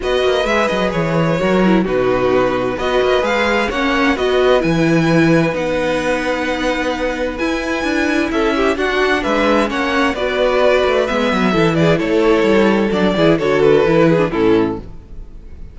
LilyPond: <<
  \new Staff \with { instrumentName = "violin" } { \time 4/4 \tempo 4 = 130 dis''4 e''8 dis''8 cis''2 | b'2 dis''4 f''4 | fis''4 dis''4 gis''2 | fis''1 |
gis''2 e''4 fis''4 | e''4 fis''4 d''2 | e''4. d''8 cis''2 | d''4 cis''8 b'4. a'4 | }
  \new Staff \with { instrumentName = "violin" } { \time 4/4 b'2. ais'4 | fis'2 b'2 | cis''4 b'2.~ | b'1~ |
b'2 a'8 g'8 fis'4 | b'4 cis''4 b'2~ | b'4 a'8 gis'8 a'2~ | a'8 gis'8 a'4. gis'8 e'4 | }
  \new Staff \with { instrumentName = "viola" } { \time 4/4 fis'4 gis'2 fis'8 e'8 | dis'2 fis'4 gis'4 | cis'4 fis'4 e'2 | dis'1 |
e'2. d'4~ | d'4 cis'4 fis'2 | b4 e'2. | d'8 e'8 fis'4 e'8. d'16 cis'4 | }
  \new Staff \with { instrumentName = "cello" } { \time 4/4 b8 ais8 gis8 fis8 e4 fis4 | b,2 b8 ais8 gis4 | ais4 b4 e2 | b1 |
e'4 d'4 cis'4 d'4 | gis4 ais4 b4. a8 | gis8 fis8 e4 a4 g4 | fis8 e8 d4 e4 a,4 | }
>>